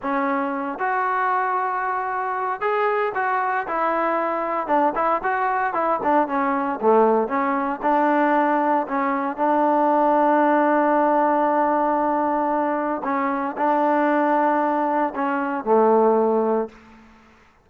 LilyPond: \new Staff \with { instrumentName = "trombone" } { \time 4/4 \tempo 4 = 115 cis'4. fis'2~ fis'8~ | fis'4 gis'4 fis'4 e'4~ | e'4 d'8 e'8 fis'4 e'8 d'8 | cis'4 a4 cis'4 d'4~ |
d'4 cis'4 d'2~ | d'1~ | d'4 cis'4 d'2~ | d'4 cis'4 a2 | }